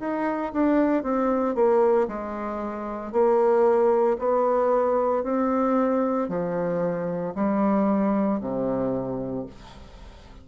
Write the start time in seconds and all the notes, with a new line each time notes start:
0.00 D#4
0.53 D4
1.03 C4
1.55 A#3
2.08 G#3
3.12 A#3
4.19 B3
5.23 C4
6.29 F3
7.35 G3
8.41 C3